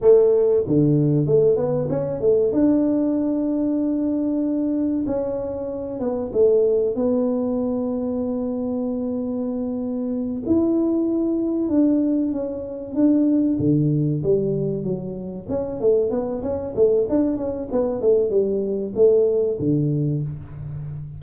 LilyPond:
\new Staff \with { instrumentName = "tuba" } { \time 4/4 \tempo 4 = 95 a4 d4 a8 b8 cis'8 a8 | d'1 | cis'4. b8 a4 b4~ | b1~ |
b8 e'2 d'4 cis'8~ | cis'8 d'4 d4 g4 fis8~ | fis8 cis'8 a8 b8 cis'8 a8 d'8 cis'8 | b8 a8 g4 a4 d4 | }